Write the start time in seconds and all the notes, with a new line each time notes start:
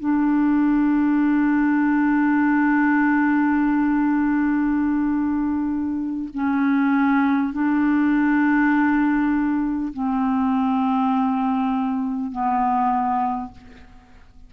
0.00 D4
6.34 C#4
7.53 D4
9.93 C4
12.32 B3